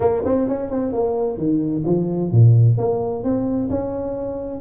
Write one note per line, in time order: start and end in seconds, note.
0.00 0.22 A#3
0.25 0.48 C4
0.48 0.70 C#4
0.70 0.93 C4
0.93 1.37 A#3
1.37 1.83 D#3
1.85 2.31 F3
2.31 2.77 A#2
2.77 3.23 A#3
3.23 3.69 C4
3.69 4.60 C#4